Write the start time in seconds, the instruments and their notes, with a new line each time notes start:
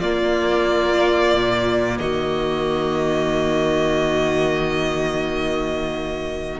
0.00 cello A#3, viola A#3, violin F4 D5
1.34 cello A#2
1.98 cello D#3, violin F#4 D#5